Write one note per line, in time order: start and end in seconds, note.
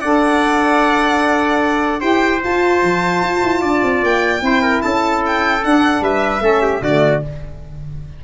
0.00 2.02 D4
0.00 1.99 A4
0.00 2.00 D5
0.00 2.00 F#5
1.99 2.42 E4
1.99 2.39 G4
1.99 3.60 C5
1.99 2.40 G5
2.44 2.83 F4
2.44 4.40 F4
2.44 4.04 A5
2.83 3.22 F3
3.22 3.42 F4
3.43 3.62 E4
3.61 3.82 D4
3.61 4.41 D5
3.83 4.03 C4
4.03 4.42 A#3
4.03 4.82 G5
4.40 4.82 C4
4.40 5.60 E4
4.40 4.62 C5
4.62 4.82 A#4
4.82 5.64 C#4
4.82 6.02 A4
4.82 5.22 A5
5.26 5.64 G5
5.64 6.40 D4
5.64 6.01 D4
5.64 6.03 F#5
6.01 6.40 G3
6.01 6.42 B4
6.01 6.83 E5
6.40 6.80 A3
6.40 6.80 C#4
6.40 6.62 A4
6.62 6.82 G4
6.81 7.21 D3
6.81 7.24 A3
6.81 7.23 F#4
6.81 7.23 D5